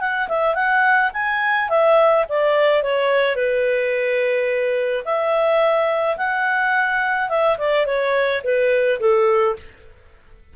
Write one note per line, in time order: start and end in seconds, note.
0.00 0.28 F#5
0.28 0.55 E5
0.55 1.11 F#5
1.13 1.69 G#5
1.69 2.25 E5
2.28 2.82 D5
2.82 3.35 C#5
3.35 5.04 B4
5.04 6.17 E5
6.17 7.29 F#5
7.29 7.57 E5
7.58 7.86 D5
7.86 8.42 C#5
8.43 8.99 B4
9.00 9.56 A4